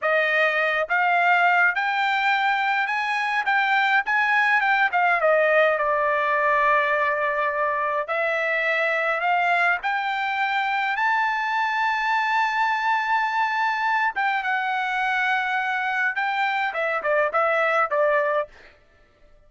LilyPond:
\new Staff \with { instrumentName = "trumpet" } { \time 4/4 \tempo 4 = 104 dis''4. f''4. g''4~ | g''4 gis''4 g''4 gis''4 | g''8 f''8 dis''4 d''2~ | d''2 e''2 |
f''4 g''2 a''4~ | a''1~ | a''8 g''8 fis''2. | g''4 e''8 d''8 e''4 d''4 | }